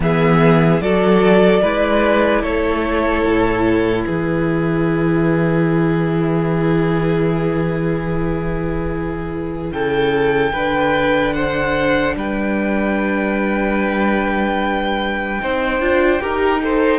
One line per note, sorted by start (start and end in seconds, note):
0.00 0.80 E3
0.00 0.80 B3
0.00 0.82 G#4
0.00 0.81 E5
0.80 1.61 F#3
0.80 1.61 F#4
0.80 1.61 A4
0.80 2.43 D5
1.61 2.43 G#3
1.61 10.54 E4
1.61 2.42 B4
2.42 3.24 A3
2.42 4.04 A4
2.42 4.05 C#5
3.25 4.06 A2
4.05 9.71 E3
4.05 9.73 G#4
4.05 9.72 B4
9.71 10.52 C#3
9.71 10.53 A4
9.71 11.33 G5
10.53 12.15 D3
10.53 15.40 D4
10.53 11.33 B4
11.33 12.15 C5
11.33 12.14 F#5
12.15 15.39 G3
12.15 15.41 B4
12.15 16.99 G5
15.40 15.79 C4
15.40 15.81 D#4
15.40 16.21 C5
15.79 16.20 D4
15.79 16.20 F4
16.20 16.99 D#4
16.20 16.60 G4
16.20 16.62 A#4
16.61 16.99 A4
16.61 16.99 C5